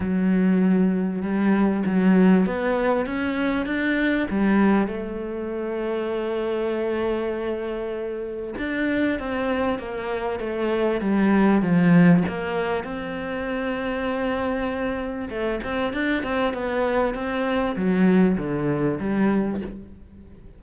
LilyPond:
\new Staff \with { instrumentName = "cello" } { \time 4/4 \tempo 4 = 98 fis2 g4 fis4 | b4 cis'4 d'4 g4 | a1~ | a2 d'4 c'4 |
ais4 a4 g4 f4 | ais4 c'2.~ | c'4 a8 c'8 d'8 c'8 b4 | c'4 fis4 d4 g4 | }